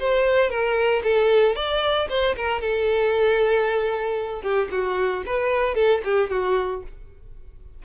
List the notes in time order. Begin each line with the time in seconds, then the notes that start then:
0.00 C5
0.50 A#4
1.04 A4
1.56 D5
2.10 C5
2.36 A#4
2.61 A4
4.43 G4
4.72 F#4
5.26 B4
5.75 A4
6.05 G4
6.30 F#4